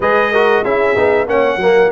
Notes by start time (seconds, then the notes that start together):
0.00 G#3 G#4 B4 D#5
0.31 F#4 A#4
0.64 C#4 E4 G#4 E5
0.95 B3 D#4
1.27 A#3 C#4 C#5 F#5
1.56 F#3 A#3 A#4